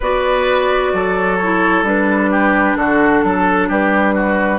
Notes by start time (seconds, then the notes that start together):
0.00 B3 F#4 B4 D5
0.93 F#3 A4
1.37 E4 C#5
1.82 G3 D4 B4
2.31 G4
2.76 D3 F#4 A4
3.23 F#3 A4
3.68 G3 G4 B4
4.14 F#4